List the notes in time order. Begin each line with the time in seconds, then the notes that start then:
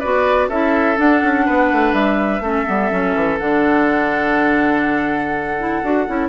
0.00 B3 F#4 B4 D5
0.49 C#4 E4 A4 E5
0.97 D4 F#5
1.23 C#4
1.46 B3 B4
1.72 A3
1.93 G3 E5
2.41 A3 C#4 A4
2.67 G3 B3
2.91 F#3 C#4
3.15 E3
3.39 D3 D4 F#5
5.59 E4
5.83 D4 F#4
6.07 C#4 E4